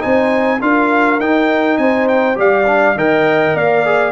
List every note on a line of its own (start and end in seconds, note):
0.00 0.61 C4
0.00 0.59 D#4
0.00 0.60 C5
0.00 0.61 G#5
0.61 1.20 D4
0.61 1.20 F4
0.61 1.80 A#4
0.61 1.20 F5
1.20 1.78 D#4
1.20 2.35 D#4
1.20 1.78 G5
1.78 2.37 C4
1.78 2.39 C5
1.78 2.07 G#5
2.08 2.38 G5
2.35 2.95 G3
2.35 2.65 G4
2.35 2.97 D5
2.35 2.99 F5
2.67 2.96 D4
2.95 3.54 D#3
2.95 3.85 A#4
2.95 3.55 D#5
2.95 3.57 G5
3.55 4.12 A#3
3.55 4.12 D5
3.55 4.12 F5
3.85 4.12 G#4